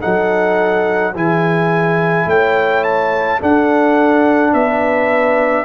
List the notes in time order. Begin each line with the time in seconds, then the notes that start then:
0.00 F#3 D#4 A4 F#5
1.14 E3 E4 G#4 G#5
2.26 A3 C#5 G5
2.84 A5
3.40 D4 A4 F#5
4.54 B3 B4 E5